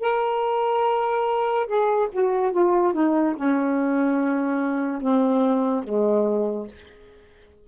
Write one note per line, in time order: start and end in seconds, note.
0.00 1.67 A#4
1.67 2.08 G#4
2.12 2.52 F#4
2.52 2.94 F4
2.94 3.35 D#4
3.36 5.02 C#4
5.02 5.84 C4
5.84 6.67 G#3